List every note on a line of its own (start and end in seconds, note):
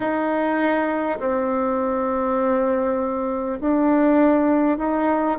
0.00 1.18 D#4
1.19 3.59 C4
3.60 4.78 D4
4.78 5.38 D#4